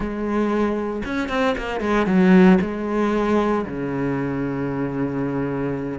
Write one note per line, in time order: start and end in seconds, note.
0.00 1.02 G#3
1.05 1.29 C#4
1.29 1.55 C4
1.57 1.80 A#3
1.80 2.06 G#3
2.06 2.58 F#3
2.61 3.65 G#3
3.65 5.99 C#3